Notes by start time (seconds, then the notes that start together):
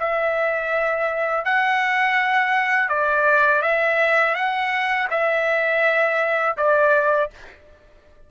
0.00 E5
1.45 F#5
2.89 D5
3.63 E5
4.35 F#5
5.11 E5
6.58 D5